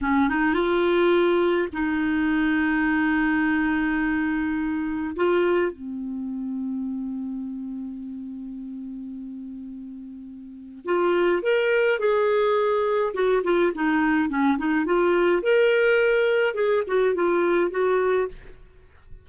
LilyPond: \new Staff \with { instrumentName = "clarinet" } { \time 4/4 \tempo 4 = 105 cis'8 dis'8 f'2 dis'4~ | dis'1~ | dis'4 f'4 c'2~ | c'1~ |
c'2. f'4 | ais'4 gis'2 fis'8 f'8 | dis'4 cis'8 dis'8 f'4 ais'4~ | ais'4 gis'8 fis'8 f'4 fis'4 | }